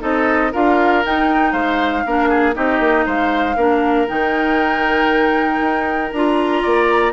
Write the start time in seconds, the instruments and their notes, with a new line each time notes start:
0.00 bassoon C4, clarinet D#4, oboe A4, flute D#5
0.52 bassoon D4, clarinet F4, oboe A#4, flute F5
1.03 clarinet D#4, bassoon D#4, flute G5
1.52 bassoon G#3, oboe C5, flute F5
2.05 bassoon A#3, clarinet D4, oboe A#4
2.29 oboe G#4
2.53 bassoon C4, clarinet D#4, oboe G4, flute D#5
2.79 bassoon A#3
3.05 bassoon G#3, oboe C5, flute F5
3.56 bassoon A#3, clarinet D4, oboe A#4
4.07 bassoon D#3, clarinet D#4, flute G5
5.60 bassoon D#4
6.11 bassoon D4, clarinet F4, flute A#5
6.62 bassoon A#3, oboe D5